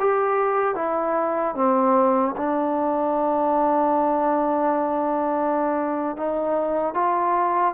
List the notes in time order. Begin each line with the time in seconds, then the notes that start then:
0.00 G4
0.75 E4
1.55 C4
2.37 D4
6.17 D#4
6.94 F4